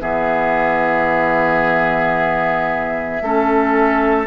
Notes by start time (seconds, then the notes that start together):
0.00 E3 B3 G#4 E5
3.21 A3 C#4 A4